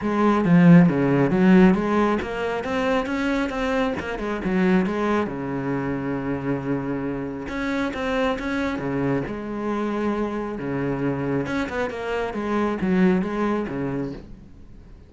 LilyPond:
\new Staff \with { instrumentName = "cello" } { \time 4/4 \tempo 4 = 136 gis4 f4 cis4 fis4 | gis4 ais4 c'4 cis'4 | c'4 ais8 gis8 fis4 gis4 | cis1~ |
cis4 cis'4 c'4 cis'4 | cis4 gis2. | cis2 cis'8 b8 ais4 | gis4 fis4 gis4 cis4 | }